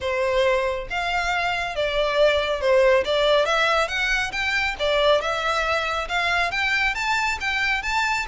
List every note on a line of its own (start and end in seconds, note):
0.00 0.87 C5
0.90 1.75 F5
1.75 2.60 D5
2.60 3.04 C5
3.04 3.45 D5
3.45 3.88 E5
3.88 4.31 F#5
4.32 4.75 G5
4.79 5.21 D5
5.21 6.08 E5
6.08 6.51 F5
6.51 6.94 G5
6.95 7.38 A5
7.40 7.82 G5
7.82 8.25 A5